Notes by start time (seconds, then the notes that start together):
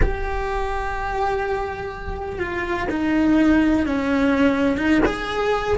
0.02 G4
2.39 F4
2.90 D#4
3.85 C#4
4.77 D#4
5.05 G#4